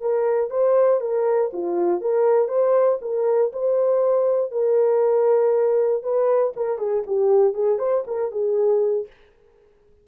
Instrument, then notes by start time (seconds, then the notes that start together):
horn
0.00 A#4
0.50 C5
1.00 A#4
1.53 F4
2.01 A#4
2.48 C5
3.01 A#4
3.52 C5
4.51 A#4
6.03 B4
6.56 A#4
6.78 G#4
7.06 G4
7.53 G#4
7.78 C5
8.07 A#4
8.31 G#4